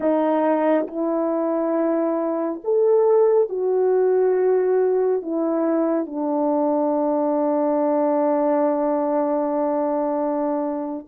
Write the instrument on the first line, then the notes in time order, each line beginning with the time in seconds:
horn
0.00 D#4
0.87 E4
2.64 A4
3.49 F#4
5.22 E4
6.06 D4